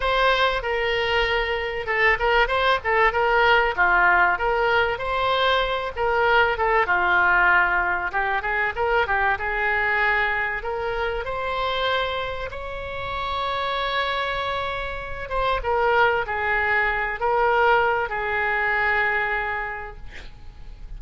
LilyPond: \new Staff \with { instrumentName = "oboe" } { \time 4/4 \tempo 4 = 96 c''4 ais'2 a'8 ais'8 | c''8 a'8 ais'4 f'4 ais'4 | c''4. ais'4 a'8 f'4~ | f'4 g'8 gis'8 ais'8 g'8 gis'4~ |
gis'4 ais'4 c''2 | cis''1~ | cis''8 c''8 ais'4 gis'4. ais'8~ | ais'4 gis'2. | }